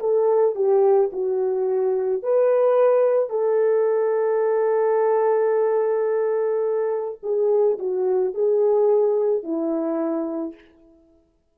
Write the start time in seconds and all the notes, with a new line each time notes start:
0.00 A4
0.55 G4
1.12 F#4
2.23 B4
3.30 A4
7.23 G#4
7.79 F#4
8.34 G#4
9.43 E4